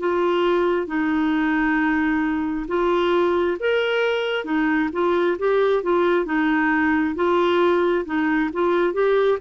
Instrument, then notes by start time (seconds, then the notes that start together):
clarinet
0.00 F4
0.87 D#4
2.68 F4
3.60 A#4
4.45 D#4
4.93 F4
5.39 G4
5.83 F4
6.26 D#4
7.16 F4
8.06 D#4
8.53 F4
8.93 G4